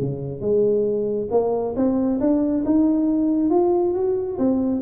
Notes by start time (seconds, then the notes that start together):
0.00 C#3
0.40 G#3
1.31 A#3
1.76 C4
2.20 D4
2.65 D#4
3.50 F4
3.94 F#4
4.38 C4